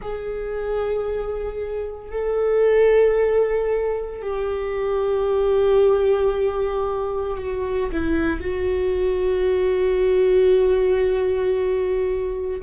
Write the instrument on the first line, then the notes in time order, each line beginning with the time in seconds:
viola
0.01 G#4
2.11 A4
4.22 G4
7.37 F#4
7.92 E4
8.40 F#4